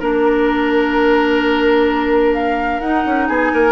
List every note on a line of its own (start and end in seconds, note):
0.00 2.81 A#3
0.00 2.82 D4
0.00 3.28 A#4
0.00 2.35 A#4
2.35 2.81 F5
2.81 3.04 D#4
2.81 3.73 D#4
2.81 3.28 F#5
3.06 3.29 C#4
3.28 3.52 B3
3.28 3.52 G#4
3.28 3.73 G#5
3.53 3.73 A#3
3.53 3.73 A#4